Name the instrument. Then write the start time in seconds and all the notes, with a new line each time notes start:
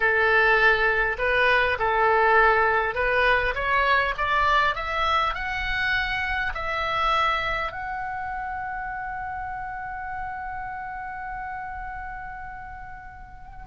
oboe
0.00 A4
1.18 B4
1.78 A4
2.94 B4
3.55 C#5
4.17 D5
4.75 E5
5.34 F#5
6.54 E5
7.71 F#5